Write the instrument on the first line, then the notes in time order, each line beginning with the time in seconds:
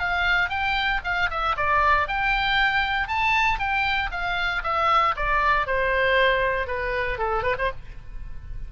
oboe
0.00 F5
0.50 G5
1.04 F5
1.31 E5
1.57 D5
2.08 G5
3.08 A5
3.59 G5
4.12 F5
4.64 E5
5.17 D5
5.67 C5
6.68 B4
7.19 A4
7.44 B4
7.59 C5